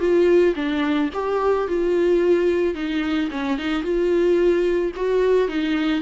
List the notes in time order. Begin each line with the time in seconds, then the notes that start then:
0.00 F4
0.56 D4
1.14 G4
1.68 F4
2.75 D#4
3.31 C#4
3.58 D#4
3.83 F4
4.96 F#4
5.48 D#4